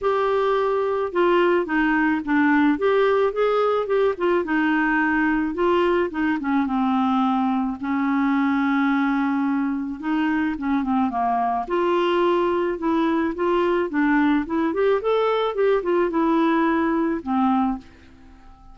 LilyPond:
\new Staff \with { instrumentName = "clarinet" } { \time 4/4 \tempo 4 = 108 g'2 f'4 dis'4 | d'4 g'4 gis'4 g'8 f'8 | dis'2 f'4 dis'8 cis'8 | c'2 cis'2~ |
cis'2 dis'4 cis'8 c'8 | ais4 f'2 e'4 | f'4 d'4 e'8 g'8 a'4 | g'8 f'8 e'2 c'4 | }